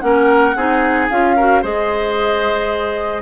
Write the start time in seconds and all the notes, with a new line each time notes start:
0.00 A#3 C#4 A#4 F#5
0.55 C4 D#4 G#4
1.10 C#4 F4 F5
1.36 F#4 A#4
1.62 G#3 G#4 C5 D#5